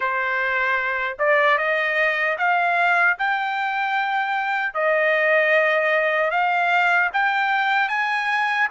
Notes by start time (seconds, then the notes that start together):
0.00 C5
1.18 D5
1.58 D#5
2.38 F5
3.18 G5
4.74 D#5
6.31 F5
7.13 G5
7.88 G#5